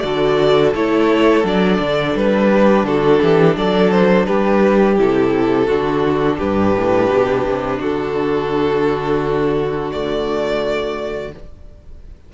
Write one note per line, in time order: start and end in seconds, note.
0.00 0.74 D3
0.00 0.74 F#4
0.00 2.52 A4
0.00 0.71 D5
0.75 1.44 A3
0.75 1.44 E4
0.75 1.46 C#5
1.44 1.79 F#3
1.44 4.97 D4
1.44 2.17 D5
1.80 2.15 D3
2.16 2.84 G3
2.16 2.86 B4
2.52 2.87 G4
2.84 3.19 D3
2.84 3.23 F#4
2.84 3.57 A4
3.23 3.56 E3
3.23 3.57 G4
3.56 4.27 F#3
3.56 4.27 A4
3.56 3.92 D5
3.92 4.26 C5
4.26 4.99 G3
4.26 5.67 G4
4.26 4.97 B4
4.98 5.69 C3
4.98 5.69 E4
4.98 6.40 A4
5.67 6.40 D3
5.67 9.92 D4
5.67 6.37 F#4
6.38 6.76 G2
6.38 7.79 G4
6.38 7.81 B4
6.76 7.10 A2
7.10 7.45 B2
7.46 7.81 C3
7.80 11.34 D3
7.80 11.32 F#4
7.80 9.92 A4
9.92 11.33 A3
9.92 11.33 D5